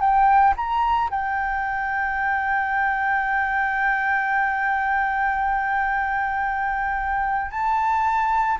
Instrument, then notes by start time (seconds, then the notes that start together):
flute
0.00 G5
0.56 A#5
1.10 G5
7.51 A5